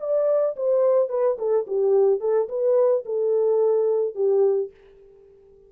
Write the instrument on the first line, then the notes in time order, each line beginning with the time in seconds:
horn
0.00 D5
0.56 C5
1.09 B4
1.38 A4
1.67 G4
2.20 A4
2.49 B4
3.06 A4
4.15 G4